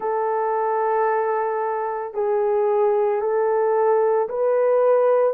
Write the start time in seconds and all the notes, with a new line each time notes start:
0.00 A4
2.14 G#4
3.21 A4
4.29 B4